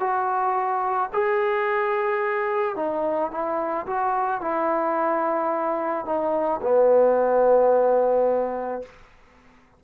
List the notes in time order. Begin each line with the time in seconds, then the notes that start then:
0.00 F#4
1.13 G#4
2.76 D#4
3.31 E4
3.87 F#4
4.41 E4
6.06 D#4
6.62 B3